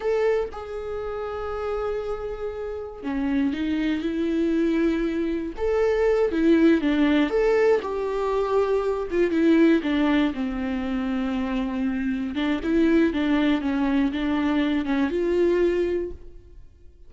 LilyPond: \new Staff \with { instrumentName = "viola" } { \time 4/4 \tempo 4 = 119 a'4 gis'2.~ | gis'2 cis'4 dis'4 | e'2. a'4~ | a'8 e'4 d'4 a'4 g'8~ |
g'2 f'8 e'4 d'8~ | d'8 c'2.~ c'8~ | c'8 d'8 e'4 d'4 cis'4 | d'4. cis'8 f'2 | }